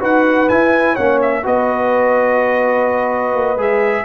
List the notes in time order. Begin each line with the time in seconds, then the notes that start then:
0.00 D#4 F#4 B4 F#5
0.49 E4 G#5
0.94 A#3 C#4 C#5 F#5
1.22 E5
1.43 B3 F#4 B4 D#5
3.35 A#3
3.57 G#3 G#4 E5